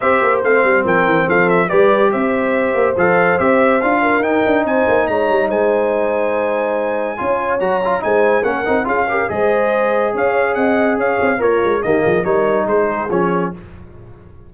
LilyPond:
<<
  \new Staff \with { instrumentName = "trumpet" } { \time 4/4 \tempo 4 = 142 e''4 f''4 g''4 f''8 e''8 | d''4 e''2 f''4 | e''4 f''4 g''4 gis''4 | ais''4 gis''2.~ |
gis''2 ais''4 gis''4 | fis''4 f''4 dis''2 | f''4 fis''4 f''4 cis''4 | dis''4 cis''4 c''4 cis''4 | }
  \new Staff \with { instrumentName = "horn" } { \time 4/4 c''2 ais'4 a'4 | b'4 c''2.~ | c''4. ais'4. c''4 | cis''4 c''2.~ |
c''4 cis''2 c''4 | ais'4 gis'8 ais'8 c''2 | cis''4 dis''4 cis''4 f'4 | g'8 gis'8 ais'4 gis'2 | }
  \new Staff \with { instrumentName = "trombone" } { \time 4/4 g'4 c'2. | g'2. a'4 | g'4 f'4 dis'2~ | dis'1~ |
dis'4 f'4 fis'8 f'8 dis'4 | cis'8 dis'8 f'8 g'8 gis'2~ | gis'2. ais'4 | ais4 dis'2 cis'4 | }
  \new Staff \with { instrumentName = "tuba" } { \time 4/4 c'8 ais8 a8 g8 f8 e8 f4 | g4 c'4. ais8 f4 | c'4 d'4 dis'8 d'8 c'8 ais8 | gis8 g8 gis2.~ |
gis4 cis'4 fis4 gis4 | ais8 c'8 cis'4 gis2 | cis'4 c'4 cis'8 c'8 ais8 gis8 | dis8 f8 g4 gis4 f4 | }
>>